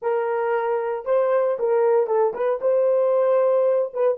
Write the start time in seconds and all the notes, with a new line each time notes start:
0.01 A#4
1.05 C5
1.59 A#4
2.07 A4
2.33 B4
2.61 C5
3.93 B4